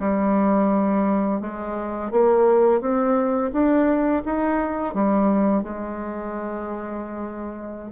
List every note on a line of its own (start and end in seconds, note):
0.00 1.41 G3
1.41 2.11 G#3
2.11 2.81 A#3
2.81 3.52 C4
3.53 4.24 D4
4.26 4.94 D#4
4.94 5.63 G3
5.63 7.92 G#3